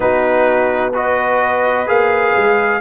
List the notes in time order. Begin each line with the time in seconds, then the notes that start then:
0.00 B3 D#4 F#4 B4
0.93 F#4 B4 D#5
1.86 A#3 G#4 F5
2.37 G#3